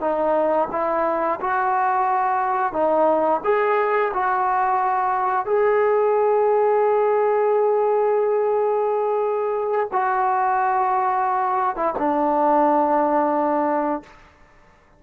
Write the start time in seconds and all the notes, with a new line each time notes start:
0.00 D#4
0.71 E4
1.40 F#4
2.72 D#4
3.43 G#4
4.13 F#4
5.45 G#4
9.92 F#4
11.76 E4
11.98 D4